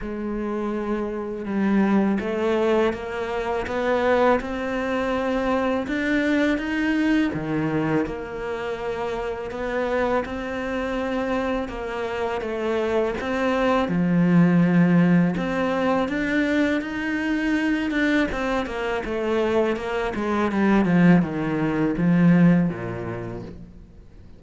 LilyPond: \new Staff \with { instrumentName = "cello" } { \time 4/4 \tempo 4 = 82 gis2 g4 a4 | ais4 b4 c'2 | d'4 dis'4 dis4 ais4~ | ais4 b4 c'2 |
ais4 a4 c'4 f4~ | f4 c'4 d'4 dis'4~ | dis'8 d'8 c'8 ais8 a4 ais8 gis8 | g8 f8 dis4 f4 ais,4 | }